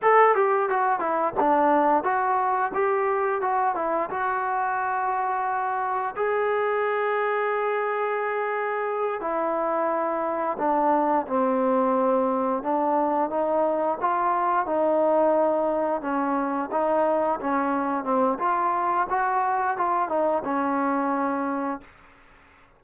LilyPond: \new Staff \with { instrumentName = "trombone" } { \time 4/4 \tempo 4 = 88 a'8 g'8 fis'8 e'8 d'4 fis'4 | g'4 fis'8 e'8 fis'2~ | fis'4 gis'2.~ | gis'4. e'2 d'8~ |
d'8 c'2 d'4 dis'8~ | dis'8 f'4 dis'2 cis'8~ | cis'8 dis'4 cis'4 c'8 f'4 | fis'4 f'8 dis'8 cis'2 | }